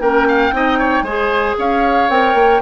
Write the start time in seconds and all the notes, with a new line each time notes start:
0.00 A#3 C#4 A#4 G5
0.28 F5
0.52 C4 D#4 D#5
0.78 C#5
1.02 G#3 G#4 C5 G#5
1.58 C#4 C#5 F5
2.09 C4 A#4 G5
2.34 A#3